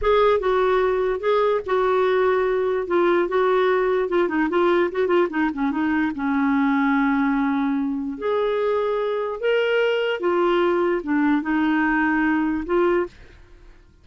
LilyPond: \new Staff \with { instrumentName = "clarinet" } { \time 4/4 \tempo 4 = 147 gis'4 fis'2 gis'4 | fis'2. f'4 | fis'2 f'8 dis'8 f'4 | fis'8 f'8 dis'8 cis'8 dis'4 cis'4~ |
cis'1 | gis'2. ais'4~ | ais'4 f'2 d'4 | dis'2. f'4 | }